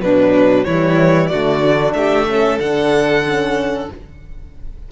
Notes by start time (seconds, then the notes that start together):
0.00 B2 F#3 D4 B4
0.64 E3 G3 E4 C#5
1.27 A3 F#4 D5
1.33 D3
1.62 D4
1.93 A3 G4 E5
2.27 C#4 A4
2.59 D3 D4 F#5
3.24 C#4